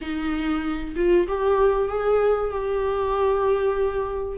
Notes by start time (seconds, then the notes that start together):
0.01 D#4
0.96 F4
1.27 G4
1.88 G#4
2.51 G4